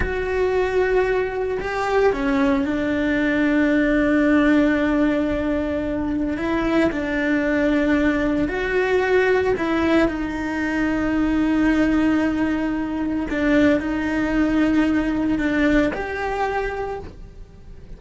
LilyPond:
\new Staff \with { instrumentName = "cello" } { \time 4/4 \tempo 4 = 113 fis'2. g'4 | cis'4 d'2.~ | d'1 | e'4 d'2. |
fis'2 e'4 dis'4~ | dis'1~ | dis'4 d'4 dis'2~ | dis'4 d'4 g'2 | }